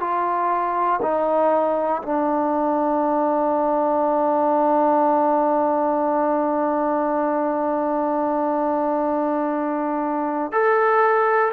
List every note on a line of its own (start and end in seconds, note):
0.00 1.00 F4
1.02 2.02 D#4
2.03 10.53 D4
10.53 11.53 A4